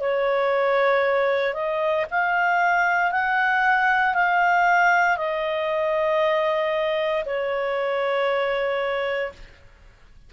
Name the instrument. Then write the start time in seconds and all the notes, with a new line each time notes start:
clarinet
0.00 C#5
1.53 D#5
2.10 F5
3.11 F#5
4.14 F5
5.17 D#5
7.25 C#5